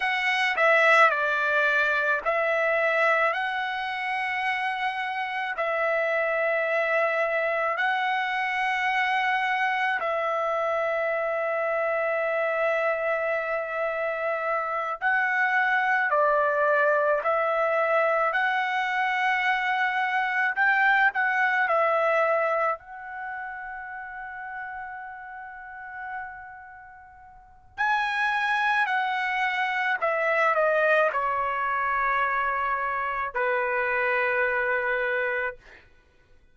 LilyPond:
\new Staff \with { instrumentName = "trumpet" } { \time 4/4 \tempo 4 = 54 fis''8 e''8 d''4 e''4 fis''4~ | fis''4 e''2 fis''4~ | fis''4 e''2.~ | e''4. fis''4 d''4 e''8~ |
e''8 fis''2 g''8 fis''8 e''8~ | e''8 fis''2.~ fis''8~ | fis''4 gis''4 fis''4 e''8 dis''8 | cis''2 b'2 | }